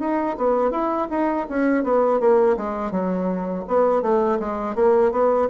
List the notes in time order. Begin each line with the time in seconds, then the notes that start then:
0.00 D#4
0.37 B3
0.71 E4
1.10 D#4
1.49 C#4
1.84 B3
2.20 A#3
2.57 G#3
2.92 F#3
3.68 B3
4.02 A3
4.40 G#3
4.75 A#3
5.12 B3